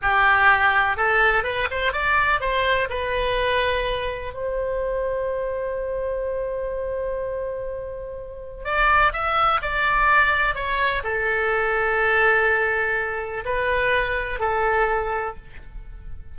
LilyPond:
\new Staff \with { instrumentName = "oboe" } { \time 4/4 \tempo 4 = 125 g'2 a'4 b'8 c''8 | d''4 c''4 b'2~ | b'4 c''2.~ | c''1~ |
c''2 d''4 e''4 | d''2 cis''4 a'4~ | a'1 | b'2 a'2 | }